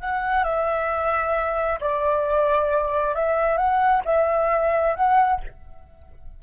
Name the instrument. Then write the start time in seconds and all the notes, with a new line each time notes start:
flute
0.00 F#5
0.44 E5
1.80 D5
3.15 E5
3.57 F#5
4.05 E5
4.95 F#5